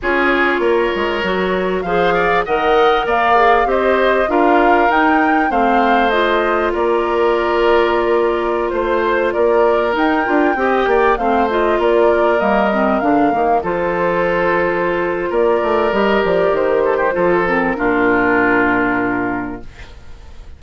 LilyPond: <<
  \new Staff \with { instrumentName = "flute" } { \time 4/4 \tempo 4 = 98 cis''2. f''4 | fis''4 f''4 dis''4 f''4 | g''4 f''4 dis''4 d''4~ | d''2~ d''16 c''4 d''8.~ |
d''16 g''2 f''8 dis''8 d''8.~ | d''16 dis''4 f''4 c''4.~ c''16~ | c''4 d''4 dis''8 d''8 c''4~ | c''8 ais'2.~ ais'8 | }
  \new Staff \with { instrumentName = "oboe" } { \time 4/4 gis'4 ais'2 c''8 d''8 | dis''4 d''4 c''4 ais'4~ | ais'4 c''2 ais'4~ | ais'2~ ais'16 c''4 ais'8.~ |
ais'4~ ais'16 dis''8 d''8 c''4 ais'8.~ | ais'2~ ais'16 a'4.~ a'16~ | a'4 ais'2~ ais'8 a'16 g'16 | a'4 f'2. | }
  \new Staff \with { instrumentName = "clarinet" } { \time 4/4 f'2 fis'4 gis'4 | ais'4. gis'8 g'4 f'4 | dis'4 c'4 f'2~ | f'1~ |
f'16 dis'8 f'8 g'4 c'8 f'4~ f'16~ | f'16 ais8 c'8 d'8 ais8 f'4.~ f'16~ | f'2 g'2 | f'8 c'8 d'2. | }
  \new Staff \with { instrumentName = "bassoon" } { \time 4/4 cis'4 ais8 gis8 fis4 f4 | dis4 ais4 c'4 d'4 | dis'4 a2 ais4~ | ais2~ ais16 a4 ais8.~ |
ais16 dis'8 d'8 c'8 ais8 a4 ais8.~ | ais16 g4 d8 dis8 f4.~ f16~ | f4 ais8 a8 g8 f8 dis4 | f4 ais,2. | }
>>